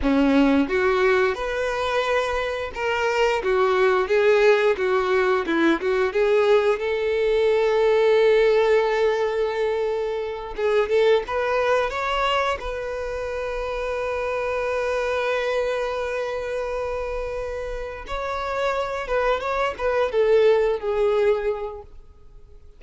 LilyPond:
\new Staff \with { instrumentName = "violin" } { \time 4/4 \tempo 4 = 88 cis'4 fis'4 b'2 | ais'4 fis'4 gis'4 fis'4 | e'8 fis'8 gis'4 a'2~ | a'2.~ a'8 gis'8 |
a'8 b'4 cis''4 b'4.~ | b'1~ | b'2~ b'8 cis''4. | b'8 cis''8 b'8 a'4 gis'4. | }